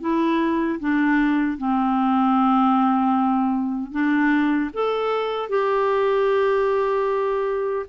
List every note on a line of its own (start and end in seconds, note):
0.00 0.79 E4
0.79 1.57 D4
1.57 3.91 C4
3.91 4.70 D4
4.73 5.49 A4
5.49 7.86 G4